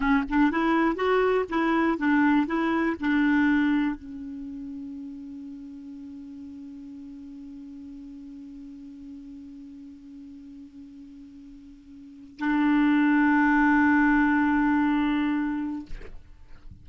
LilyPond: \new Staff \with { instrumentName = "clarinet" } { \time 4/4 \tempo 4 = 121 cis'8 d'8 e'4 fis'4 e'4 | d'4 e'4 d'2 | cis'1~ | cis'1~ |
cis'1~ | cis'1~ | cis'4 d'2.~ | d'1 | }